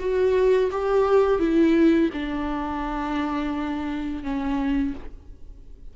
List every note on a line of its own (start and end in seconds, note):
0.00 0.71 F#4
0.72 1.40 G4
1.40 2.10 E4
2.13 4.24 D4
4.24 4.94 C#4